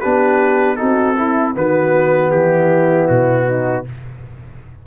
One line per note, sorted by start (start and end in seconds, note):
0.00 0.81 B3
0.00 0.76 D4
0.00 0.77 G4
0.00 0.76 B4
0.76 1.55 C4
0.76 1.15 D#4
0.76 1.17 F#4
0.76 1.53 A4
1.16 1.55 E4
1.55 2.32 D#3
1.55 3.85 B3
1.55 2.33 F#4
1.55 2.31 B4
2.31 3.09 E3
2.31 3.46 E4
2.31 3.08 G4
3.08 3.86 B2
3.08 3.84 F#4
3.46 3.85 D#4